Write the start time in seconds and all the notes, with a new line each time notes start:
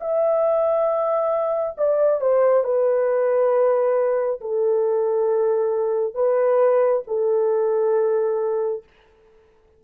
0.00 E5
1.77 D5
2.20 C5
2.64 B4
4.40 A4
6.14 B4
7.07 A4